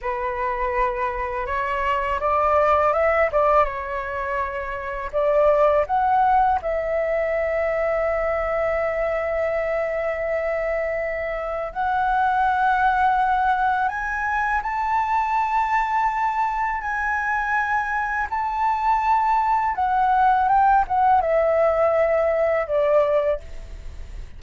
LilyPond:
\new Staff \with { instrumentName = "flute" } { \time 4/4 \tempo 4 = 82 b'2 cis''4 d''4 | e''8 d''8 cis''2 d''4 | fis''4 e''2.~ | e''1 |
fis''2. gis''4 | a''2. gis''4~ | gis''4 a''2 fis''4 | g''8 fis''8 e''2 d''4 | }